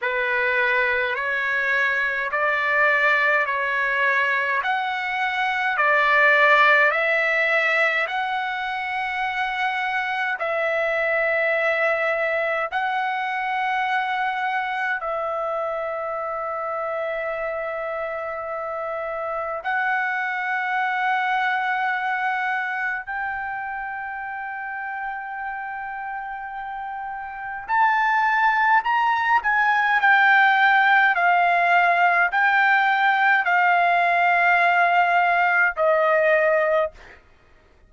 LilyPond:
\new Staff \with { instrumentName = "trumpet" } { \time 4/4 \tempo 4 = 52 b'4 cis''4 d''4 cis''4 | fis''4 d''4 e''4 fis''4~ | fis''4 e''2 fis''4~ | fis''4 e''2.~ |
e''4 fis''2. | g''1 | a''4 ais''8 gis''8 g''4 f''4 | g''4 f''2 dis''4 | }